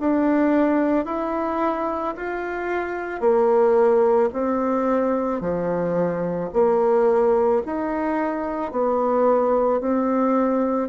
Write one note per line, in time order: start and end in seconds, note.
0.00 1.06 D4
1.06 2.15 E4
2.16 3.20 F4
3.20 4.29 A#3
4.33 5.41 C4
5.41 6.50 F3
6.53 7.62 A#3
7.66 8.72 D#4
8.72 9.80 B3
9.80 10.89 C4